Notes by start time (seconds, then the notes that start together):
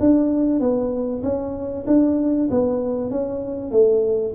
0.00 D4
0.60 B3
1.23 C#4
1.87 D4
2.50 B3
3.11 C#4
3.71 A3